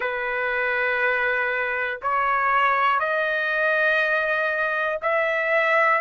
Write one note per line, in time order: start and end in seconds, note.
0.00 2.00 B4
2.01 2.99 C#5
2.99 4.99 D#5
5.01 6.01 E5